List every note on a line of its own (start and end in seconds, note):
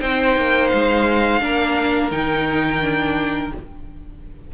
0.00 0.36 C4
0.00 1.40 D#4
0.00 1.41 C5
0.00 0.68 G5
0.36 0.72 A#3
0.68 1.41 G#3
0.68 2.10 F5
1.40 2.11 A#3
1.40 2.10 D4
1.40 3.54 A#4
2.11 3.52 D#3
2.11 2.82 D#4
2.11 3.52 G5
2.82 3.52 D4